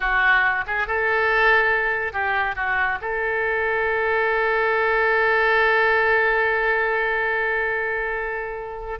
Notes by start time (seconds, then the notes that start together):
0.00 F#4
0.66 G#4
0.87 A4
2.12 G4
2.55 F#4
3.01 A4